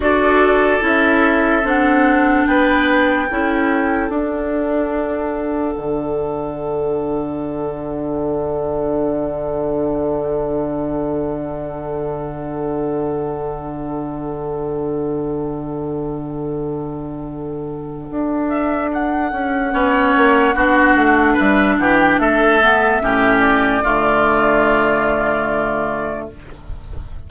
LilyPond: <<
  \new Staff \with { instrumentName = "flute" } { \time 4/4 \tempo 4 = 73 d''4 e''4 fis''4 g''4~ | g''4 fis''2.~ | fis''1~ | fis''1~ |
fis''1~ | fis''2~ fis''8 e''8 fis''4~ | fis''2 e''8 fis''16 g''16 e''4~ | e''8 d''2.~ d''8 | }
  \new Staff \with { instrumentName = "oboe" } { \time 4/4 a'2. b'4 | a'1~ | a'1~ | a'1~ |
a'1~ | a'1 | cis''4 fis'4 b'8 g'8 a'4 | g'4 f'2. | }
  \new Staff \with { instrumentName = "clarinet" } { \time 4/4 fis'4 e'4 d'2 | e'4 d'2.~ | d'1~ | d'1~ |
d'1~ | d'1 | cis'4 d'2~ d'8 b8 | cis'4 a2. | }
  \new Staff \with { instrumentName = "bassoon" } { \time 4/4 d'4 cis'4 c'4 b4 | cis'4 d'2 d4~ | d1~ | d1~ |
d1~ | d2 d'4. cis'8 | b8 ais8 b8 a8 g8 e8 a4 | a,4 d2. | }
>>